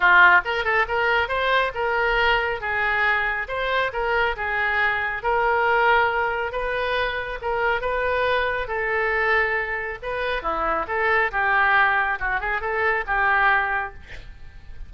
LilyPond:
\new Staff \with { instrumentName = "oboe" } { \time 4/4 \tempo 4 = 138 f'4 ais'8 a'8 ais'4 c''4 | ais'2 gis'2 | c''4 ais'4 gis'2 | ais'2. b'4~ |
b'4 ais'4 b'2 | a'2. b'4 | e'4 a'4 g'2 | fis'8 gis'8 a'4 g'2 | }